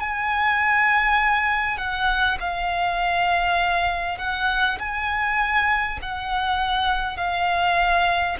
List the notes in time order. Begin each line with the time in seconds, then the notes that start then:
0.00 G#5
1.77 F#5
2.40 F5
4.17 F#5
4.79 G#5
6.02 F#5
7.17 F5